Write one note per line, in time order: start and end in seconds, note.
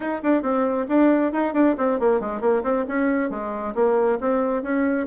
0.00 0.21 D#4
0.22 0.42 D4
0.42 0.86 C4
0.88 1.32 D4
1.32 1.53 D#4
1.53 1.75 D4
1.77 1.99 C4
1.99 2.20 A#3
2.20 2.40 G#3
2.40 2.62 A#3
2.63 2.85 C4
2.88 3.30 C#4
3.30 3.74 G#3
3.74 4.19 A#3
4.20 4.62 C4
4.62 5.07 C#4